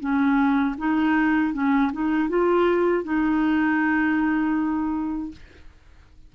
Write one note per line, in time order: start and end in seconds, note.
0.00 0.76 C#4
0.78 1.54 D#4
1.54 1.92 C#4
1.93 2.30 D#4
2.30 3.04 F4
3.04 5.32 D#4